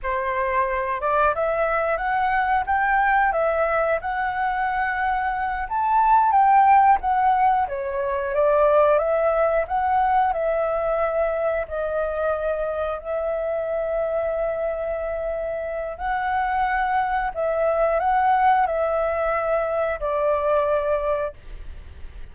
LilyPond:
\new Staff \with { instrumentName = "flute" } { \time 4/4 \tempo 4 = 90 c''4. d''8 e''4 fis''4 | g''4 e''4 fis''2~ | fis''8 a''4 g''4 fis''4 cis''8~ | cis''8 d''4 e''4 fis''4 e''8~ |
e''4. dis''2 e''8~ | e''1 | fis''2 e''4 fis''4 | e''2 d''2 | }